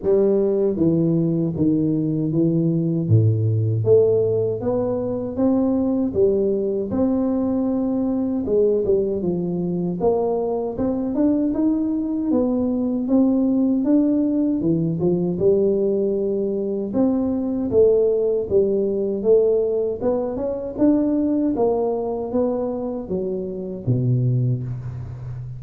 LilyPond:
\new Staff \with { instrumentName = "tuba" } { \time 4/4 \tempo 4 = 78 g4 e4 dis4 e4 | a,4 a4 b4 c'4 | g4 c'2 gis8 g8 | f4 ais4 c'8 d'8 dis'4 |
b4 c'4 d'4 e8 f8 | g2 c'4 a4 | g4 a4 b8 cis'8 d'4 | ais4 b4 fis4 b,4 | }